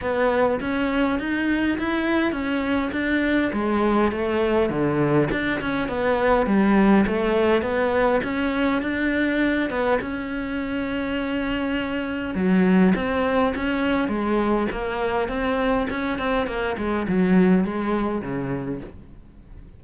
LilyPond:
\new Staff \with { instrumentName = "cello" } { \time 4/4 \tempo 4 = 102 b4 cis'4 dis'4 e'4 | cis'4 d'4 gis4 a4 | d4 d'8 cis'8 b4 g4 | a4 b4 cis'4 d'4~ |
d'8 b8 cis'2.~ | cis'4 fis4 c'4 cis'4 | gis4 ais4 c'4 cis'8 c'8 | ais8 gis8 fis4 gis4 cis4 | }